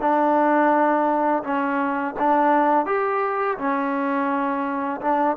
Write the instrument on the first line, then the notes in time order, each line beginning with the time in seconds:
trombone
0.00 D4
1.43 C#4
2.19 D4
2.86 G4
3.58 C#4
5.01 D4